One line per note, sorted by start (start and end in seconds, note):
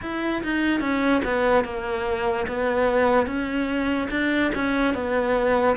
0.01 0.43 E4
0.43 0.80 D#4
0.80 1.21 C#4
1.24 1.64 B3
1.64 2.46 A#3
2.47 3.26 B3
3.26 4.08 C#4
4.10 4.51 D4
4.54 4.94 C#4
4.94 5.76 B3